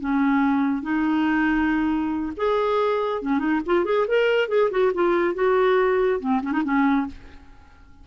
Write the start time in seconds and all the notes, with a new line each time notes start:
0.00 C#4
0.82 D#4
2.37 G#4
3.22 C#4
3.39 D#4
3.66 F4
3.85 G#4
4.08 A#4
4.49 G#4
4.71 F#4
4.94 F4
5.35 F#4
6.20 C4
6.42 C#4
6.52 D#4
6.64 C#4